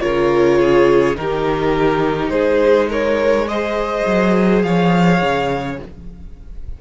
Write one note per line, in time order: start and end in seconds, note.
0.00 1.18 C#3
0.00 1.15 F4
0.00 0.59 A#4
0.00 1.16 C#5
0.59 1.17 G#4
1.15 2.29 D#3
1.15 3.46 D#4
1.15 2.32 G4
1.15 2.30 A#4
2.29 4.02 G#3
2.29 2.89 G#4
2.29 2.87 C5
2.89 3.47 A#4
2.89 3.48 C#5
3.47 5.78 G#4
3.47 4.65 C5
3.47 4.62 D#5
4.06 4.64 F#3
4.62 5.21 F3
4.62 5.81 C#5
4.62 5.77 F5
5.21 5.79 C#3